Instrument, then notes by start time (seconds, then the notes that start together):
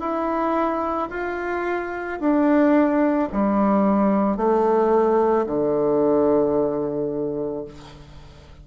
bassoon
0.00 E4
1.11 F4
2.20 D4
3.33 G3
4.37 A3
5.47 D3